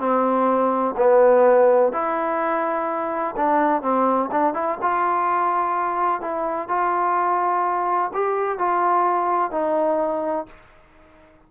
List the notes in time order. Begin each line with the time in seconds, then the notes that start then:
0.00 C4
0.97 B3
1.93 E4
3.36 D4
3.82 C4
4.32 D4
4.54 E4
4.82 F4
6.22 E4
6.69 F4
8.14 G4
8.58 F4
9.52 D#4